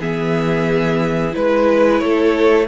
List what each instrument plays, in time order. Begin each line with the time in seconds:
0.00 cello E3, viola B3, violin G#4 E5
1.32 cello G#3, viola E4, violin B4
1.99 cello A3, violin A4 C#5